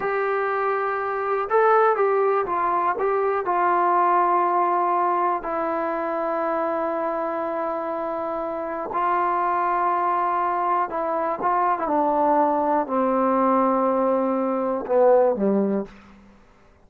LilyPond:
\new Staff \with { instrumentName = "trombone" } { \time 4/4 \tempo 4 = 121 g'2. a'4 | g'4 f'4 g'4 f'4~ | f'2. e'4~ | e'1~ |
e'2 f'2~ | f'2 e'4 f'8. e'16 | d'2 c'2~ | c'2 b4 g4 | }